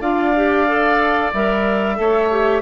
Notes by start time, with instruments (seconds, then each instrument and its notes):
0.00 bassoon D4, clarinet F4, oboe D5, flute F5
0.35 clarinet G4
0.67 clarinet A4
1.33 bassoon G3, clarinet A#4, flute E5
1.95 bassoon A3, clarinet A4, oboe C#5
2.30 clarinet G4